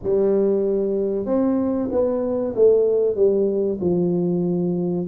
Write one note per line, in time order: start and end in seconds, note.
0.02 1.25 G3
1.25 1.89 C4
1.91 2.54 B3
2.55 3.15 A3
3.15 3.78 G3
3.80 5.06 F3